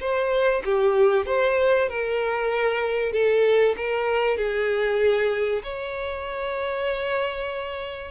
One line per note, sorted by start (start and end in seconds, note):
0.00 0.62 C5
0.65 1.26 G4
1.26 1.88 C5
1.89 3.12 A#4
3.12 3.75 A4
3.77 4.37 A#4
4.37 5.62 G#4
5.63 8.11 C#5